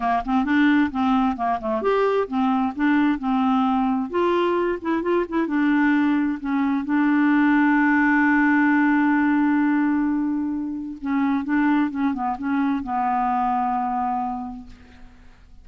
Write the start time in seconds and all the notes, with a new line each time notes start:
0.00 A#3
0.25 C4
0.44 D4
0.91 C4
1.36 A#3
1.60 A3
1.82 G4
2.27 C4
2.75 D4
3.18 C4
4.10 F4
4.81 E4
5.02 F4
5.28 E4
5.47 D4
6.40 C#4
6.85 D4
11.01 C#4
11.44 D4
11.90 C#4
12.13 B3
12.38 C#4
12.83 B3